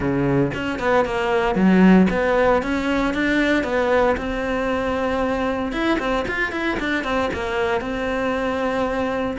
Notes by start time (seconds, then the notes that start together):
0.00 C#3
0.54 C#4
0.79 B3
1.05 A#3
1.55 F#3
2.10 B3
2.62 C#4
3.14 D4
3.63 B3
4.17 C4
5.72 E4
5.99 C4
6.28 F4
6.51 E4
6.79 D4
7.03 C4
7.33 A#3
7.80 C4